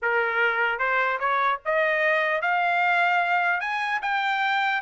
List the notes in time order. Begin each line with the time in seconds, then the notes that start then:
0.01 A#4
0.79 C5
1.19 C#5
1.65 D#5
2.41 F5
3.60 G#5
4.02 G5